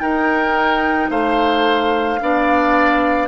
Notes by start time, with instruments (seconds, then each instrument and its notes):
0.00 clarinet D#4, bassoon D#4, oboe A#4, flute G5
1.10 bassoon A3, oboe C5, flute F5
2.20 bassoon B3, clarinet D4, oboe D5